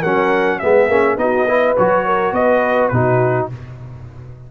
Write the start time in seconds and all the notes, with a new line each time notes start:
0.00 F#3 C#4 A#4 F#5
0.58 G#3 B3 G#4 E5
0.87 A#3 C#4
1.16 B3 D#4 F#4 D#5
1.47 E4 B4
1.77 F#3 F#4 C#5
2.05 A#4
2.32 B3 B4 D#5
2.88 B2 D#4 F#4 B4